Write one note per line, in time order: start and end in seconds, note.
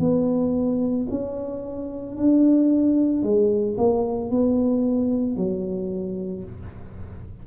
0.00 1.07 B3
1.11 2.17 C#4
2.17 3.23 D4
3.23 3.76 G#3
3.78 4.31 A#3
4.31 5.37 B3
5.37 6.44 F#3